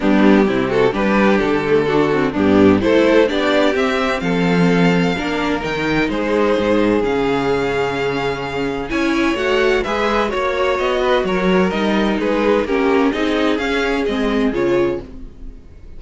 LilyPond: <<
  \new Staff \with { instrumentName = "violin" } { \time 4/4 \tempo 4 = 128 g'4. a'8 b'4 a'4~ | a'4 g'4 c''4 d''4 | e''4 f''2. | g''4 c''2 f''4~ |
f''2. gis''4 | fis''4 e''4 cis''4 dis''4 | cis''4 dis''4 b'4 ais'4 | dis''4 f''4 dis''4 cis''4 | }
  \new Staff \with { instrumentName = "violin" } { \time 4/4 d'4 e'8 fis'8 g'2 | fis'4 d'4 a'4 g'4~ | g'4 a'2 ais'4~ | ais'4 gis'2.~ |
gis'2. cis''4~ | cis''4 b'4 cis''4. b'8 | ais'2 gis'4 g'4 | gis'1 | }
  \new Staff \with { instrumentName = "viola" } { \time 4/4 b4 c'4 d'4. a8 | d'8 c'8 b4 e'4 d'4 | c'2. d'4 | dis'2. cis'4~ |
cis'2. e'4 | fis'4 gis'4 fis'2~ | fis'4 dis'2 cis'4 | dis'4 cis'4 c'4 f'4 | }
  \new Staff \with { instrumentName = "cello" } { \time 4/4 g4 c4 g4 d4~ | d4 g,4 a4 b4 | c'4 f2 ais4 | dis4 gis4 gis,4 cis4~ |
cis2. cis'4 | a4 gis4 ais4 b4 | fis4 g4 gis4 ais4 | c'4 cis'4 gis4 cis4 | }
>>